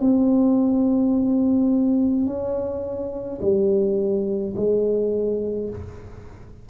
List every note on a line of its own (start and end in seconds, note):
0.00 2.26 C4
2.26 3.40 C#4
3.42 4.55 G3
4.56 5.70 G#3